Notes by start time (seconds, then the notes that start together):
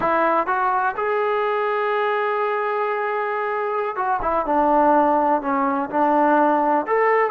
0.00 E4
0.47 F#4
0.96 G#4
3.96 F#4
4.21 E4
4.46 D4
5.41 C#4
5.89 D4
6.86 A4